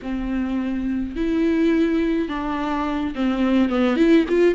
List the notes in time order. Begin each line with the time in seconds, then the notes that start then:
0.02 C4
1.16 E4
2.28 D4
3.15 C4
3.69 B3
3.96 E4
4.28 F4